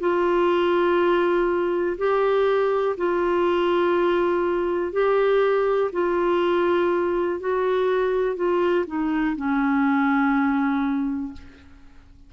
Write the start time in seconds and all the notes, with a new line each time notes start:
0.00 F4
1.98 G4
2.97 F4
4.93 G4
5.92 F4
7.40 F#4
8.36 F4
8.87 D#4
9.36 C#4